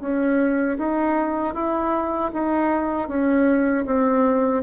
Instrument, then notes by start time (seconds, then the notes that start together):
bassoon
0.00 C#4
0.78 D#4
1.54 E4
2.33 D#4
3.08 C#4
3.86 C4